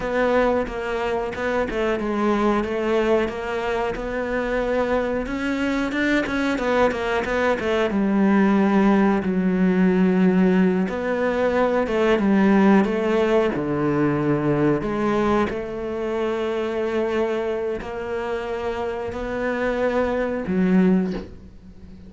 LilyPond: \new Staff \with { instrumentName = "cello" } { \time 4/4 \tempo 4 = 91 b4 ais4 b8 a8 gis4 | a4 ais4 b2 | cis'4 d'8 cis'8 b8 ais8 b8 a8 | g2 fis2~ |
fis8 b4. a8 g4 a8~ | a8 d2 gis4 a8~ | a2. ais4~ | ais4 b2 fis4 | }